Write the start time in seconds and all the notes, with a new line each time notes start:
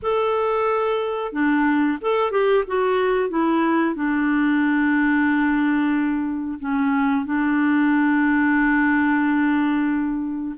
0.02 A4
1.32 D4
2.01 A4
2.31 G4
2.67 F#4
3.29 E4
3.95 D4
6.59 C#4
7.25 D4